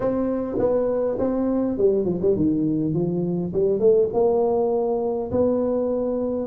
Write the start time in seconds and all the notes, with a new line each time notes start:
0.00 C4
0.59 B3
1.18 C4
1.77 G3
2.04 F3
2.21 G3
2.36 D#3
2.93 F3
3.53 G3
3.79 A3
4.13 A#3
5.31 B3